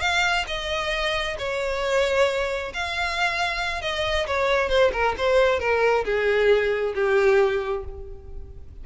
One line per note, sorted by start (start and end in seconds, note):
0.00 0.45 F5
0.47 1.37 D#5
1.38 2.73 C#5
2.73 3.82 F5
3.82 4.26 D#5
4.27 4.69 C#5
4.69 4.91 C5
4.93 5.15 A#4
5.17 5.59 C5
5.59 6.04 A#4
6.04 6.94 G#4
6.95 7.84 G4